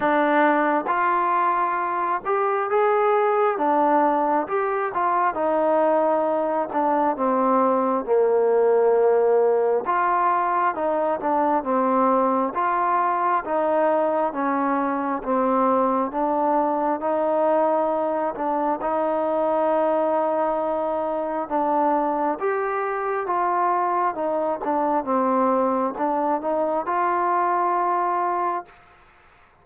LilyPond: \new Staff \with { instrumentName = "trombone" } { \time 4/4 \tempo 4 = 67 d'4 f'4. g'8 gis'4 | d'4 g'8 f'8 dis'4. d'8 | c'4 ais2 f'4 | dis'8 d'8 c'4 f'4 dis'4 |
cis'4 c'4 d'4 dis'4~ | dis'8 d'8 dis'2. | d'4 g'4 f'4 dis'8 d'8 | c'4 d'8 dis'8 f'2 | }